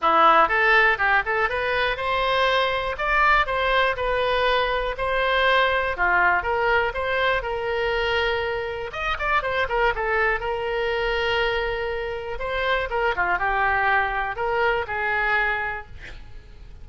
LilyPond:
\new Staff \with { instrumentName = "oboe" } { \time 4/4 \tempo 4 = 121 e'4 a'4 g'8 a'8 b'4 | c''2 d''4 c''4 | b'2 c''2 | f'4 ais'4 c''4 ais'4~ |
ais'2 dis''8 d''8 c''8 ais'8 | a'4 ais'2.~ | ais'4 c''4 ais'8 f'8 g'4~ | g'4 ais'4 gis'2 | }